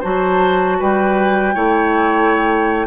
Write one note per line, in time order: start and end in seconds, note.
0.00 0.80 F#3
0.00 1.54 F#4
0.00 0.77 C5
0.00 0.80 A5
0.79 1.56 G3
0.79 1.55 B4
0.79 2.87 G5
1.54 2.87 A3
1.54 2.87 E4
1.54 2.87 C#5